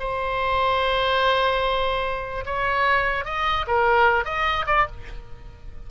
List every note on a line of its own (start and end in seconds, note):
0.00 2.45 C5
2.46 3.25 C#5
3.25 3.66 D#5
3.68 4.25 A#4
4.25 4.66 D#5
4.67 4.87 D5